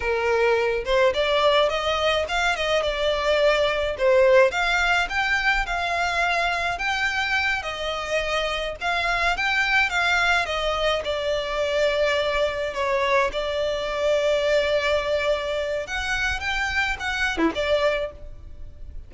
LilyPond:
\new Staff \with { instrumentName = "violin" } { \time 4/4 \tempo 4 = 106 ais'4. c''8 d''4 dis''4 | f''8 dis''8 d''2 c''4 | f''4 g''4 f''2 | g''4. dis''2 f''8~ |
f''8 g''4 f''4 dis''4 d''8~ | d''2~ d''8 cis''4 d''8~ | d''1 | fis''4 g''4 fis''8. e'16 d''4 | }